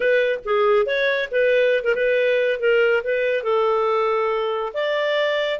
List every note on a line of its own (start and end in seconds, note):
0.00 0.39 B4
0.44 0.86 G#4
0.86 1.29 C#5
1.31 1.83 B4
1.83 1.94 A#4
1.95 2.59 B4
2.59 3.02 A#4
3.03 3.43 B4
3.43 4.72 A4
4.73 5.59 D5